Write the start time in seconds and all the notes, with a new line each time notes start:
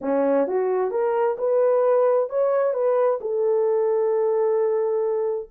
0.01 C#4
0.47 F#4
0.91 A#4
1.38 B4
2.29 C#5
2.73 B4
3.20 A4